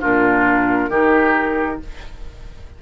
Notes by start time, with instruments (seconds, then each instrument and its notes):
0.00 bassoon A#2, clarinet D4, oboe F4, flute A#4
0.89 bassoon D#3, clarinet D#4, oboe G4